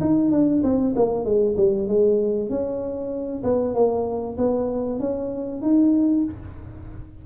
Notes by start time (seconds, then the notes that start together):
0.00 D#4
0.31 D4
0.63 C4
0.95 A#3
1.25 G#3
1.57 G3
1.88 G#3
2.49 C#4
3.43 B3
3.74 A#3
4.38 B3
4.99 C#4
5.61 D#4